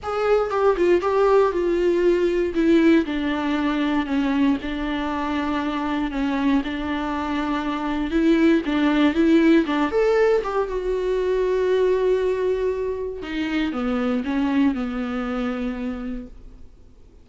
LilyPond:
\new Staff \with { instrumentName = "viola" } { \time 4/4 \tempo 4 = 118 gis'4 g'8 f'8 g'4 f'4~ | f'4 e'4 d'2 | cis'4 d'2. | cis'4 d'2. |
e'4 d'4 e'4 d'8 a'8~ | a'8 g'8 fis'2.~ | fis'2 dis'4 b4 | cis'4 b2. | }